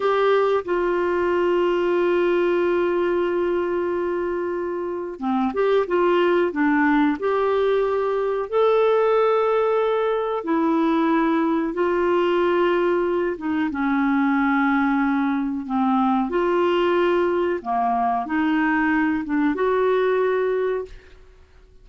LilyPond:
\new Staff \with { instrumentName = "clarinet" } { \time 4/4 \tempo 4 = 92 g'4 f'2.~ | f'1 | c'8 g'8 f'4 d'4 g'4~ | g'4 a'2. |
e'2 f'2~ | f'8 dis'8 cis'2. | c'4 f'2 ais4 | dis'4. d'8 fis'2 | }